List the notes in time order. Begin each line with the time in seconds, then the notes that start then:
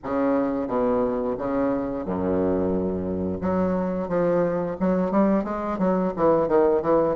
0.03 C#3
0.67 B2
1.38 C#3
2.05 F#2
3.41 F#3
4.08 F3
4.79 F#3
5.11 G3
5.44 G#3
5.78 F#3
6.16 E3
6.48 D#3
6.82 E3